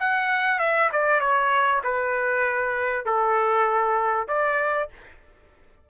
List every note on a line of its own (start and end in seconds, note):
0.00 0.60 F#5
0.60 0.90 E5
0.93 1.21 D5
1.21 1.82 C#5
1.84 3.06 B4
3.06 4.28 A4
4.28 4.90 D5